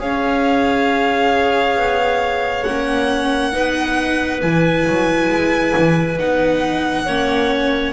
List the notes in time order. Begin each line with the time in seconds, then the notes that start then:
0.00 C#4 G#4 C#5 F5
1.76 B3
2.64 A#3 C#4 F#5
3.53 B3 D#4 B4
4.42 E3 E4 G#5
4.88 F#3
5.30 G#3
5.77 E3
6.19 B3 D#4 F#5
7.06 A#3 C#4 C#5